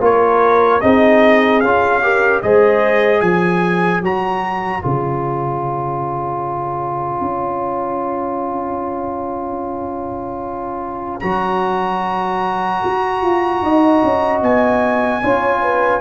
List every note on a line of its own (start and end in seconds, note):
0.00 0.80 A#3
0.00 0.81 F4
0.00 0.82 A#4
0.00 0.81 C#5
0.81 1.62 C4
0.81 1.62 D#4
0.81 2.02 G#4
0.81 1.60 D#5
1.60 2.43 C#4
1.60 2.02 F4
1.60 2.40 F5
2.02 2.42 G4
2.02 2.43 A#4
2.42 3.21 G#3
2.42 4.03 G#4
2.42 3.22 C5
2.42 3.21 D#5
3.21 4.01 F3
3.21 13.62 C#5
3.21 4.01 G#5
4.01 4.81 F#3
4.01 4.81 F#4
4.01 4.83 A#5
4.81 7.21 C#3
4.81 11.21 F4
4.81 11.20 G#5
7.21 11.21 C#4
11.20 12.83 F#3
11.20 15.22 F#4
11.20 14.40 A#5
12.84 13.22 F#4
13.22 13.62 F4
13.62 14.02 D#4
13.62 15.22 D#5
14.03 14.42 C#4
14.42 15.22 B3
14.42 16.00 G#5
15.22 16.00 C#4
15.22 16.00 F4
15.22 15.62 C#5
15.62 16.00 B4